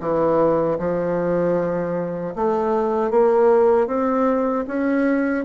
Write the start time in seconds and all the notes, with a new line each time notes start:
0.00 E3
0.79 F3
2.35 A3
3.10 A#3
3.87 C4
4.67 C#4